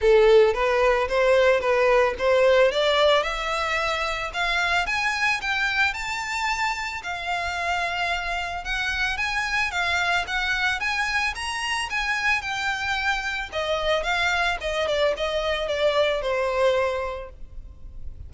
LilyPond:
\new Staff \with { instrumentName = "violin" } { \time 4/4 \tempo 4 = 111 a'4 b'4 c''4 b'4 | c''4 d''4 e''2 | f''4 gis''4 g''4 a''4~ | a''4 f''2. |
fis''4 gis''4 f''4 fis''4 | gis''4 ais''4 gis''4 g''4~ | g''4 dis''4 f''4 dis''8 d''8 | dis''4 d''4 c''2 | }